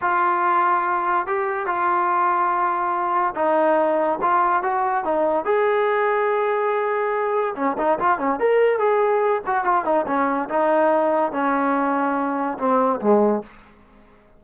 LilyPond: \new Staff \with { instrumentName = "trombone" } { \time 4/4 \tempo 4 = 143 f'2. g'4 | f'1 | dis'2 f'4 fis'4 | dis'4 gis'2.~ |
gis'2 cis'8 dis'8 f'8 cis'8 | ais'4 gis'4. fis'8 f'8 dis'8 | cis'4 dis'2 cis'4~ | cis'2 c'4 gis4 | }